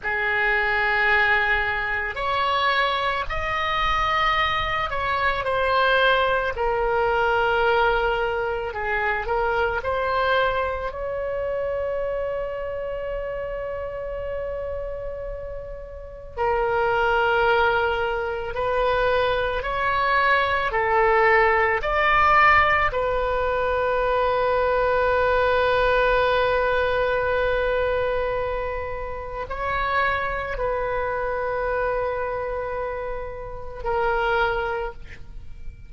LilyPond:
\new Staff \with { instrumentName = "oboe" } { \time 4/4 \tempo 4 = 55 gis'2 cis''4 dis''4~ | dis''8 cis''8 c''4 ais'2 | gis'8 ais'8 c''4 cis''2~ | cis''2. ais'4~ |
ais'4 b'4 cis''4 a'4 | d''4 b'2.~ | b'2. cis''4 | b'2. ais'4 | }